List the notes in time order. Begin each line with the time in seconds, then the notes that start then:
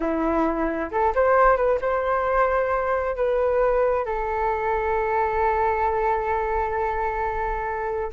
0.00 E4
0.91 A4
1.14 C5
1.56 B4
1.81 C5
3.16 B4
4.05 A4